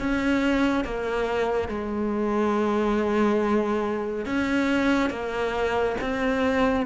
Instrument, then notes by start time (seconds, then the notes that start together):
cello
0.00 C#4
0.85 A#3
1.69 G#3
4.26 C#4
5.10 A#3
6.02 C4